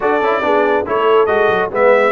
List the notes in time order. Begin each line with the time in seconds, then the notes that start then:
0.00 D4 F#4 A4 D5
0.20 C#4 E4
0.42 B3 D4 G#4
0.86 A3 E4 A4 C#5
1.26 G#3 F#4 D#5
1.49 F#3
1.70 G#3 B3 B4 E5